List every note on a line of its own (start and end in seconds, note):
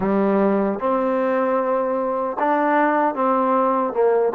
0.00 0.79 G3
0.79 2.37 C4
2.39 3.14 D4
3.14 3.93 C4
3.93 4.32 A#3